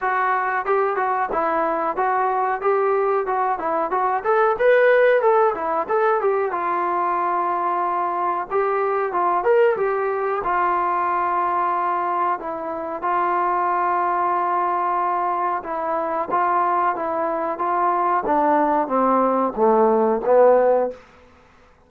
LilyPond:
\new Staff \with { instrumentName = "trombone" } { \time 4/4 \tempo 4 = 92 fis'4 g'8 fis'8 e'4 fis'4 | g'4 fis'8 e'8 fis'8 a'8 b'4 | a'8 e'8 a'8 g'8 f'2~ | f'4 g'4 f'8 ais'8 g'4 |
f'2. e'4 | f'1 | e'4 f'4 e'4 f'4 | d'4 c'4 a4 b4 | }